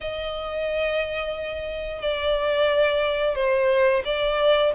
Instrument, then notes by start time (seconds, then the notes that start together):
violin
0.00 D#5
2.02 D5
3.35 C5
4.04 D5